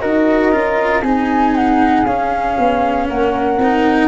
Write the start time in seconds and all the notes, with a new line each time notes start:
0.00 D#4 F#4 A#4 D#5
0.52 C#4 F4
1.01 C4 D#4 G#4 G#5
1.55 F#5
2.05 C#4 F5
2.58 B3
3.08 A#3 A#4 F#5
3.57 C4 D#4